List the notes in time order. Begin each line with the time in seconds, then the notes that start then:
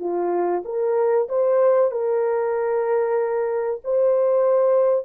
0.00 F4
0.65 A#4
1.29 C5
1.91 A#4
3.84 C5